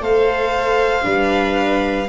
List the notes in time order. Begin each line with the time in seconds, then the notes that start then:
0.00 A3 A4 C5 F5
1.02 G3 D4 B4